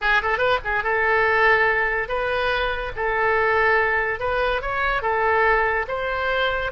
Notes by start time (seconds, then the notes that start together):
0.01 G#4
0.22 A4
0.38 B4
0.64 G#4
0.83 A4
2.08 B4
2.96 A4
4.19 B4
4.61 C#5
5.02 A4
5.87 C5